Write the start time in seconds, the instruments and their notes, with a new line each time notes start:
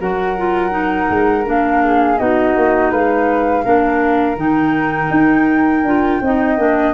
0.00 tuba F#3, clarinet F#4, flute A#4 F#5
0.37 clarinet F4
0.70 clarinet D#4
1.10 tuba G#3
1.45 tuba A#3, clarinet D4, flute F5
1.84 flute G#4
2.18 tuba B3, clarinet D#4, flute F#4 D#5
2.56 tuba A#3
2.91 tuba G#3, flute B4 F5
3.65 tuba A#3, clarinet D4, flute A#4
4.37 tuba D#3, clarinet D#4, flute G5
5.11 tuba D#4
5.84 tuba D4, clarinet F4
6.21 tuba C4, clarinet D#4, flute D#5
6.58 tuba A#3, clarinet D4